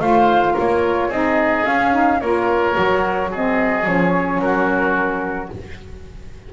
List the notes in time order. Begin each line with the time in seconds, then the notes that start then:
0.00 A3 F4 C5 F5
0.53 A#3 A#4 C#5
1.09 C4 D#4 G#4 D#5
1.65 C#4 F5
1.93 D#4
2.21 A#3 F4 A#4 C#5
2.74 F#3 F#4
3.31 C4 G#4 D#5
3.85 F3 C#4 C#5
4.40 F#3 F#4 A#4